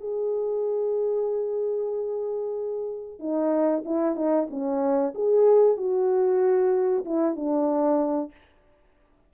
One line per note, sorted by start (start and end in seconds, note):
0.00 3.19 G#4
3.19 3.83 D#4
3.85 4.15 E4
4.15 4.47 D#4
4.50 5.14 C#4
5.14 5.76 G#4
5.76 7.04 F#4
7.04 7.35 E4
7.35 8.31 D4